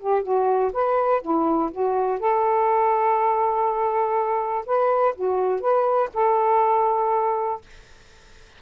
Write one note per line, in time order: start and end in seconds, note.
0.00 0.23 G4
0.23 0.72 F#4
0.74 1.22 B4
1.22 1.71 E4
1.72 2.20 F#4
2.20 4.66 A4
4.66 5.15 B4
5.16 5.61 F#4
5.61 6.10 B4
6.14 7.62 A4